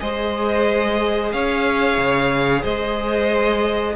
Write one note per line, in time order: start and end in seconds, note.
0.00 1.33 G#3
0.00 3.96 G#4
0.00 1.33 C5
0.00 1.32 D#5
1.33 1.98 C#4
1.33 2.62 C#5
1.33 2.64 F5
1.98 2.64 C#3
2.62 3.96 G#3
2.62 3.94 C5
2.62 3.96 D#5